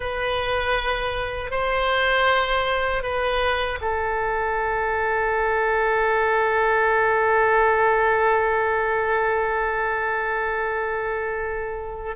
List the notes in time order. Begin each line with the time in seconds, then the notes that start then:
0.00 B4
1.51 C5
3.02 B4
3.81 A4